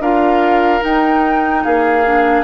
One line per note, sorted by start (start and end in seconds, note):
0.00 0.81 D4
0.00 0.81 F4
0.00 1.63 A#4
0.00 0.83 F5
0.81 2.02 D#4
0.81 1.65 D#4
0.81 1.64 G5
1.64 2.44 A#3
1.64 2.44 G#4
1.64 2.44 F5
2.05 2.44 D4